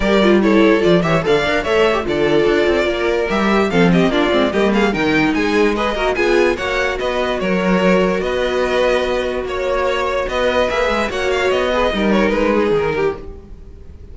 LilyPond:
<<
  \new Staff \with { instrumentName = "violin" } { \time 4/4 \tempo 4 = 146 d''4 cis''4 d''8 e''8 f''4 | e''4 d''2. | e''4 f''8 dis''8 d''4 dis''8 f''8 | g''4 gis''4 dis''4 gis''4 |
fis''4 dis''4 cis''2 | dis''2. cis''4~ | cis''4 dis''4 e''4 fis''8 f''8 | dis''4. cis''8 b'4 ais'4 | }
  \new Staff \with { instrumentName = "violin" } { \time 4/4 ais'4 a'4. cis''8 d''4 | cis''4 a'2 ais'4~ | ais'4 a'8 g'8 f'4 g'8 gis'8 | ais'4 gis'4 b'8 ais'8 gis'4 |
cis''4 b'4 ais'2 | b'2. cis''4~ | cis''4 b'2 cis''4~ | cis''8 b'8 ais'4. gis'4 g'8 | }
  \new Staff \with { instrumentName = "viola" } { \time 4/4 g'8 f'8 e'4 f'8 g'8 a'8 ais'8 | a'8. g'16 f'2. | g'4 c'4 d'8 c'8 ais4 | dis'2 gis'8 fis'8 f'4 |
fis'1~ | fis'1~ | fis'2 gis'4 fis'4~ | fis'8 gis'8 dis'2. | }
  \new Staff \with { instrumentName = "cello" } { \time 4/4 g2 f8 e8 d8 d'8 | a4 d4 d'8 c'8 ais4 | g4 f4 ais8 gis8 g4 | dis4 gis4. ais8 b4 |
ais4 b4 fis2 | b2. ais4~ | ais4 b4 ais8 gis8 ais4 | b4 g4 gis4 dis4 | }
>>